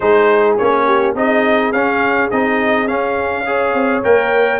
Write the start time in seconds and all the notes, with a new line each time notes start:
0.00 G#3 D#4 G#4 C5
0.57 A#3 C#4 C#5
0.86 G4
1.15 C4 D#4 G#4 D#5
1.72 C#4 F5
2.30 C4 D#4 D#5
2.87 C#4 F5
3.45 G#4 C#5
3.73 C4
4.03 A#3 A#4 G5